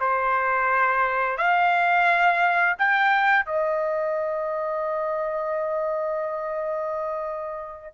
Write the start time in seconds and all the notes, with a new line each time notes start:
0.00 C5
1.37 F5
2.78 G5
3.45 D#5